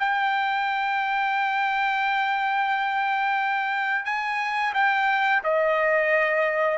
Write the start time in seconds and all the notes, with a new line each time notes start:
0.00 G5
4.06 G#5
4.74 G5
5.44 D#5